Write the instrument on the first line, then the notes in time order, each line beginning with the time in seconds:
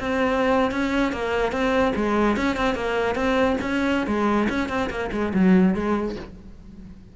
cello
0.00 C4
0.71 C#4
1.12 A#3
1.52 C4
1.96 G#3
2.37 C#4
2.57 C4
2.75 A#3
3.15 C4
3.61 C#4
4.07 G#3
4.49 C#4
4.69 C4
4.90 A#3
5.12 G#3
5.34 F#3
5.75 G#3